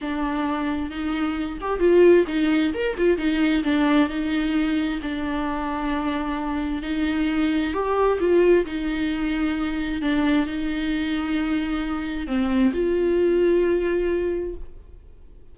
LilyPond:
\new Staff \with { instrumentName = "viola" } { \time 4/4 \tempo 4 = 132 d'2 dis'4. g'8 | f'4 dis'4 ais'8 f'8 dis'4 | d'4 dis'2 d'4~ | d'2. dis'4~ |
dis'4 g'4 f'4 dis'4~ | dis'2 d'4 dis'4~ | dis'2. c'4 | f'1 | }